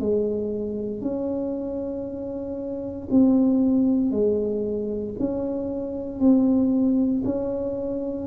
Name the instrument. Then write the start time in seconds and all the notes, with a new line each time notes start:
tuba
0.00 G#3
1.01 C#4
3.11 C4
4.11 G#3
5.19 C#4
6.20 C4
7.25 C#4